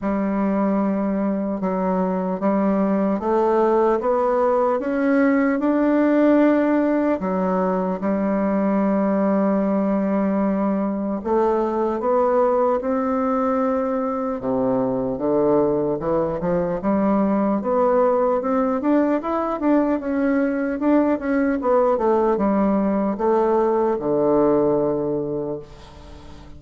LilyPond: \new Staff \with { instrumentName = "bassoon" } { \time 4/4 \tempo 4 = 75 g2 fis4 g4 | a4 b4 cis'4 d'4~ | d'4 fis4 g2~ | g2 a4 b4 |
c'2 c4 d4 | e8 f8 g4 b4 c'8 d'8 | e'8 d'8 cis'4 d'8 cis'8 b8 a8 | g4 a4 d2 | }